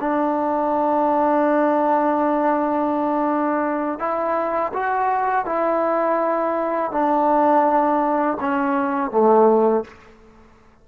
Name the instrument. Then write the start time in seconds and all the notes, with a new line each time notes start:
trombone
0.00 D4
3.99 E4
4.74 F#4
5.46 E4
6.92 D4
8.40 C#4
9.11 A3